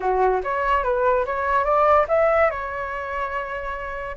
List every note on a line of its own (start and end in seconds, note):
0.00 0.41 F#4
0.43 0.83 C#5
0.83 1.25 B4
1.25 1.64 C#5
1.64 2.06 D5
2.08 2.50 E5
2.50 4.17 C#5